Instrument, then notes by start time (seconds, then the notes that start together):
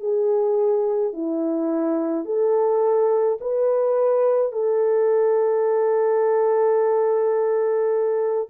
horn
0.00 G#4
1.13 E4
2.25 A4
3.41 B4
4.52 A4